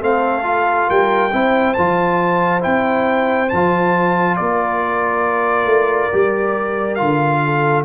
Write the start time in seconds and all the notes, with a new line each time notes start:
0.00 A3 C4 A4 F5
0.43 F4
0.88 G3 A#4 G5
1.31 C4 E4 C5
1.74 F3 F4 A5
2.60 C4 E4 G5
3.49 F3 F4 A5
4.36 A#3 A#4 D5
5.65 A3
6.12 G3 G4
6.95 D3 F4 F5
7.44 A4